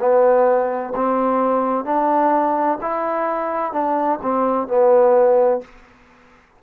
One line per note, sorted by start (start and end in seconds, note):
0.00 0.94 B3
0.96 1.85 C4
1.85 2.79 D4
2.82 3.73 E4
3.73 4.20 D4
4.22 4.68 C4
4.68 5.62 B3